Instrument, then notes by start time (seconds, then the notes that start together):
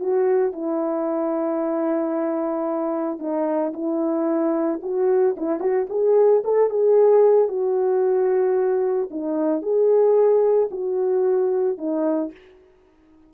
horn
0.00 F#4
0.53 E4
3.19 D#4
3.73 E4
4.82 F#4
5.37 E4
5.60 F#4
5.90 G#4
6.44 A4
6.70 G#4
7.48 F#4
9.11 D#4
9.62 G#4
10.71 F#4
11.78 D#4